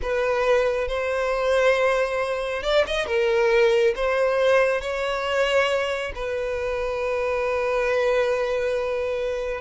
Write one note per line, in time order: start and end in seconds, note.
0.02 0.87 B4
0.87 2.62 C5
2.62 2.84 D5
2.87 3.06 D#5
3.06 3.94 A#4
3.95 4.81 C5
4.81 6.12 C#5
6.15 9.60 B4